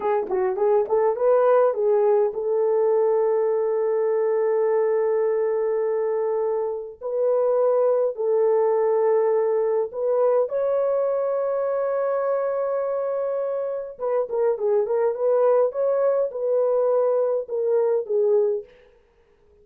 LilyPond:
\new Staff \with { instrumentName = "horn" } { \time 4/4 \tempo 4 = 103 gis'8 fis'8 gis'8 a'8 b'4 gis'4 | a'1~ | a'1 | b'2 a'2~ |
a'4 b'4 cis''2~ | cis''1 | b'8 ais'8 gis'8 ais'8 b'4 cis''4 | b'2 ais'4 gis'4 | }